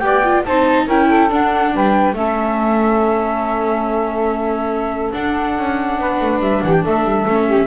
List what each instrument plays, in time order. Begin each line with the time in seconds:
0.00 double bass B3, viola G4, saxophone D5, flute G5
0.24 viola F4
0.45 double bass C4, viola D#4, saxophone C5, flute A5
0.87 double bass C#4, viola E4, saxophone A#4, flute G5
1.09 saxophone A4
1.30 viola D4, double bass D4, flute F#5
1.74 double bass G3, saxophone B4, flute G5
2.13 double bass A3, viola C#4, saxophone A4, flute E5
5.13 viola D4, double bass D4, flute F#5
5.58 double bass C#4
5.99 double bass B3, saxophone B4
6.21 double bass A3
6.40 double bass G3, flute E5
6.63 double bass E3, saxophone G4, flute F#5
6.73 flute G5
6.83 double bass A3, saxophone A4, flute E5
7.04 double bass G3
7.27 double bass A3, viola C#4
7.47 saxophone G4